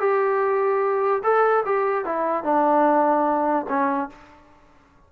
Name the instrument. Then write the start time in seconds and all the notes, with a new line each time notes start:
trombone
0.00 G4
1.24 A4
1.65 G4
2.05 E4
2.44 D4
3.69 C#4